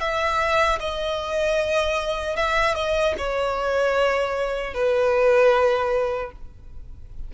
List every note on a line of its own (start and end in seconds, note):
0.00 0.79 E5
0.80 2.36 D#5
2.36 2.75 E5
2.75 3.14 D#5
3.18 4.74 C#5
4.74 6.32 B4